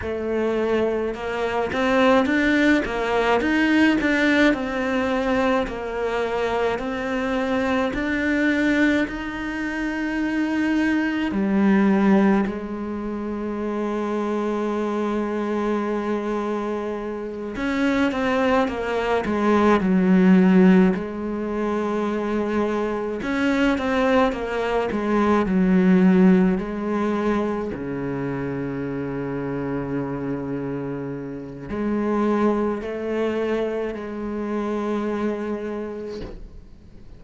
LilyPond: \new Staff \with { instrumentName = "cello" } { \time 4/4 \tempo 4 = 53 a4 ais8 c'8 d'8 ais8 dis'8 d'8 | c'4 ais4 c'4 d'4 | dis'2 g4 gis4~ | gis2.~ gis8 cis'8 |
c'8 ais8 gis8 fis4 gis4.~ | gis8 cis'8 c'8 ais8 gis8 fis4 gis8~ | gis8 cis2.~ cis8 | gis4 a4 gis2 | }